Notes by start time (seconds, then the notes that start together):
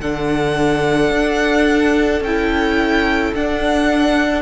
0.00 D3 D4 A4 F#5
1.10 D4
2.20 C#4 E4 G5
3.34 D4 F#5